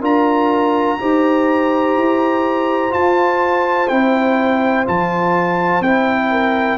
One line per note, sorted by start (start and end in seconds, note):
0.00 0.98 D4
0.00 0.99 F4
0.00 0.97 A#4
0.00 2.93 A#5
0.99 1.97 D#4
0.99 2.91 G4
0.99 6.31 C5
1.97 2.94 E4
2.91 3.87 F4
2.91 3.90 F4
2.91 3.89 A5
3.89 4.87 C4
3.89 4.86 E4
3.89 4.85 G5
4.86 5.81 F3
4.86 5.83 F4
4.86 5.83 A5
5.81 6.78 C4
5.81 6.78 E4
5.81 6.78 G5
6.31 6.78 A#4